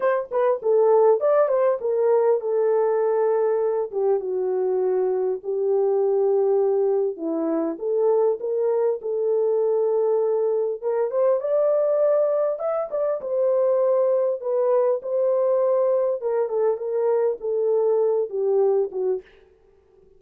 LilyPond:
\new Staff \with { instrumentName = "horn" } { \time 4/4 \tempo 4 = 100 c''8 b'8 a'4 d''8 c''8 ais'4 | a'2~ a'8 g'8 fis'4~ | fis'4 g'2. | e'4 a'4 ais'4 a'4~ |
a'2 ais'8 c''8 d''4~ | d''4 e''8 d''8 c''2 | b'4 c''2 ais'8 a'8 | ais'4 a'4. g'4 fis'8 | }